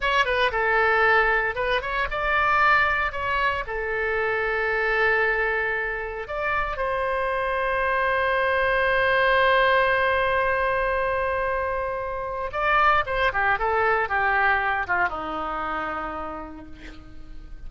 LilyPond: \new Staff \with { instrumentName = "oboe" } { \time 4/4 \tempo 4 = 115 cis''8 b'8 a'2 b'8 cis''8 | d''2 cis''4 a'4~ | a'1 | d''4 c''2.~ |
c''1~ | c''1 | d''4 c''8 g'8 a'4 g'4~ | g'8 f'8 dis'2. | }